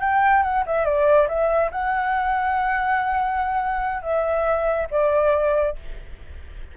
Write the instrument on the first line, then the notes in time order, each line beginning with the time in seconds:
flute
0.00 G5
0.42 F#5
0.66 E5
0.85 D5
1.28 E5
1.71 F#5
4.02 E5
4.91 D5